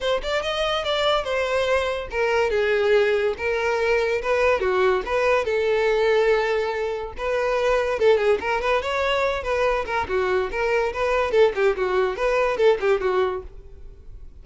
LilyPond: \new Staff \with { instrumentName = "violin" } { \time 4/4 \tempo 4 = 143 c''8 d''8 dis''4 d''4 c''4~ | c''4 ais'4 gis'2 | ais'2 b'4 fis'4 | b'4 a'2.~ |
a'4 b'2 a'8 gis'8 | ais'8 b'8 cis''4. b'4 ais'8 | fis'4 ais'4 b'4 a'8 g'8 | fis'4 b'4 a'8 g'8 fis'4 | }